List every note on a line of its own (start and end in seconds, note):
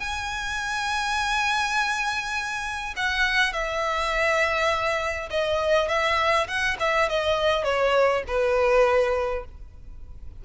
0.00 2.94 G#5
2.97 3.53 F#5
3.53 5.29 E5
5.30 5.89 D#5
5.89 6.47 E5
6.48 6.77 F#5
6.80 7.09 E5
7.09 7.64 D#5
7.64 8.23 C#5
8.27 9.45 B4